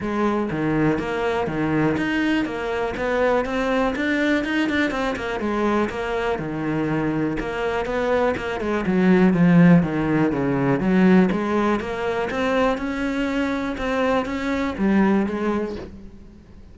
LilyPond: \new Staff \with { instrumentName = "cello" } { \time 4/4 \tempo 4 = 122 gis4 dis4 ais4 dis4 | dis'4 ais4 b4 c'4 | d'4 dis'8 d'8 c'8 ais8 gis4 | ais4 dis2 ais4 |
b4 ais8 gis8 fis4 f4 | dis4 cis4 fis4 gis4 | ais4 c'4 cis'2 | c'4 cis'4 g4 gis4 | }